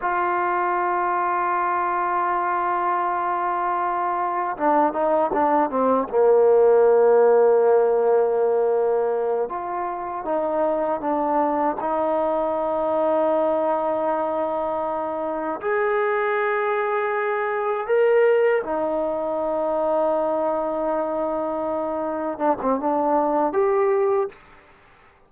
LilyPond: \new Staff \with { instrumentName = "trombone" } { \time 4/4 \tempo 4 = 79 f'1~ | f'2 d'8 dis'8 d'8 c'8 | ais1~ | ais8 f'4 dis'4 d'4 dis'8~ |
dis'1~ | dis'8 gis'2. ais'8~ | ais'8 dis'2.~ dis'8~ | dis'4. d'16 c'16 d'4 g'4 | }